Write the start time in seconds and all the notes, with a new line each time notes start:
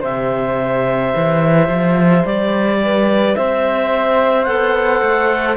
0.00 C3 G4 C5 E5
1.15 E3
1.68 F3
2.24 G3 D5
2.83 B4
3.35 C4 C5 E5
4.44 B3 A4 F#5
5.01 A3